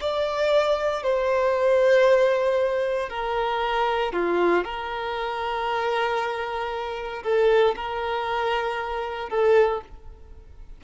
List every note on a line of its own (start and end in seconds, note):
0.00 1.03 D5
1.03 3.09 C5
3.09 4.12 A#4
4.12 4.64 F4
4.64 7.23 A#4
7.23 7.74 A4
7.75 9.29 A#4
9.29 9.81 A4